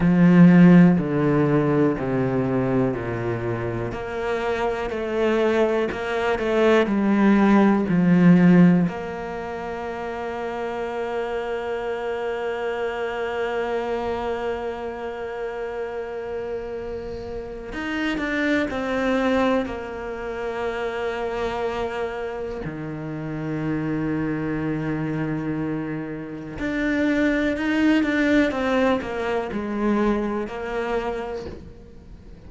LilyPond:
\new Staff \with { instrumentName = "cello" } { \time 4/4 \tempo 4 = 61 f4 d4 c4 ais,4 | ais4 a4 ais8 a8 g4 | f4 ais2.~ | ais1~ |
ais2 dis'8 d'8 c'4 | ais2. dis4~ | dis2. d'4 | dis'8 d'8 c'8 ais8 gis4 ais4 | }